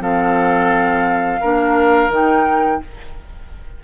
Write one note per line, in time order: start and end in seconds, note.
0.00 1.40 F3
0.00 1.40 C4
0.00 1.41 A4
0.00 2.11 F5
1.41 2.09 A#3
1.41 2.11 D4
1.41 2.81 A#4
2.09 2.79 D#3
2.09 2.81 D#4
2.09 2.84 G5